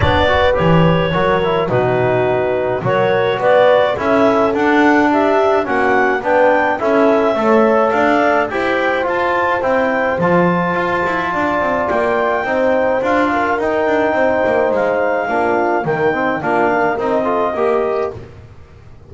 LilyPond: <<
  \new Staff \with { instrumentName = "clarinet" } { \time 4/4 \tempo 4 = 106 d''4 cis''2 b'4~ | b'4 cis''4 d''4 e''4 | fis''4 e''4 fis''4 g''4 | e''2 f''4 g''4 |
a''4 g''4 a''2~ | a''4 g''2 f''4 | g''2 f''2 | g''4 f''4 dis''2 | }
  \new Staff \with { instrumentName = "horn" } { \time 4/4 cis''8 b'4. ais'4 fis'4~ | fis'4 ais'4 b'4 a'4~ | a'4 g'4 fis'4 b'4 | a'4 cis''4 d''4 c''4~ |
c''1 | d''2 c''4. ais'8~ | ais'4 c''2 f'4 | dis'4 f'8 ais'4 a'8 ais'4 | }
  \new Staff \with { instrumentName = "trombone" } { \time 4/4 d'8 fis'8 g'4 fis'8 e'8 dis'4~ | dis'4 fis'2 e'4 | d'2 cis'4 d'4 | e'4 a'2 g'4 |
f'4 e'4 f'2~ | f'2 dis'4 f'4 | dis'2. d'4 | ais8 c'8 d'4 dis'8 f'8 g'4 | }
  \new Staff \with { instrumentName = "double bass" } { \time 4/4 b4 e4 fis4 b,4~ | b,4 fis4 b4 cis'4 | d'2 ais4 b4 | cis'4 a4 d'4 e'4 |
f'4 c'4 f4 f'8 e'8 | d'8 c'8 ais4 c'4 d'4 | dis'8 d'8 c'8 ais8 gis4 ais4 | dis4 ais4 c'4 ais4 | }
>>